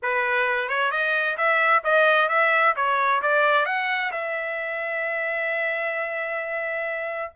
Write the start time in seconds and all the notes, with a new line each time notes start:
0.02 B4
0.68 C#5
0.91 D#5
1.37 E5
1.84 D#5
2.28 E5
2.76 C#5
3.22 D5
3.65 F#5
4.11 E5